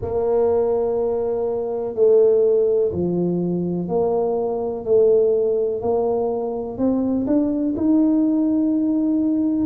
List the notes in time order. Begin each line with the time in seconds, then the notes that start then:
0.01 A#3
1.94 A3
2.92 F3
3.88 A#3
4.84 A3
5.81 A#3
6.77 C4
7.26 D4
7.76 D#4